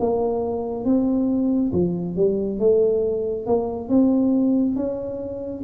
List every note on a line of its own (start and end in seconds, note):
0.00 0.85 A#3
0.85 1.72 C4
1.73 2.16 F3
2.16 2.60 G3
2.60 3.47 A3
3.47 3.89 A#3
3.89 4.76 C4
4.76 5.63 C#4